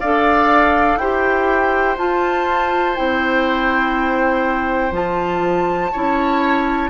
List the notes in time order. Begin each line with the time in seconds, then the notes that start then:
0.00 D4 A4 D5 F5
0.97 E4 G4 C5 G5
1.97 F4 A5
2.95 C4 E4 G5
4.92 F3 F4 A5
5.92 C#4 E4 C#5